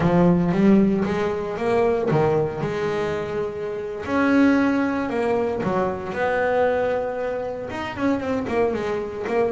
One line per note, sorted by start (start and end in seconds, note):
0.00 0.51 F3
0.51 1.04 G3
1.04 1.57 G#3
1.57 2.09 A#3
2.10 2.61 D#3
2.61 4.04 G#3
4.05 5.09 C#4
5.09 5.61 A#3
5.63 6.13 F#3
6.13 7.69 B3
7.70 7.96 D#4
7.96 8.19 C#4
8.19 8.45 C4
8.47 8.73 A#3
8.73 9.25 G#3
9.27 9.51 A#3